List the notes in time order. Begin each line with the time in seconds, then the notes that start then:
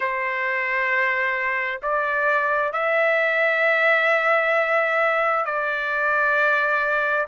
0.00 C5
1.82 D5
2.73 E5
5.45 D5